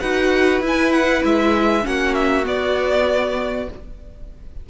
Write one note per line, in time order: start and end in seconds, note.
0.00 0.61 D#4
0.00 0.62 F#4
0.00 1.84 B4
0.00 0.61 F#5
0.61 1.22 E4
0.61 1.82 E4
0.67 0.92 G#5
0.92 1.23 F#5
1.24 1.86 G#3
1.24 1.86 E5
1.82 2.46 A#3
1.82 2.44 C#4
1.82 3.70 F#4
1.82 2.14 F#5
2.14 2.45 E5
2.44 3.66 B3
2.44 3.68 B3
2.44 3.70 D5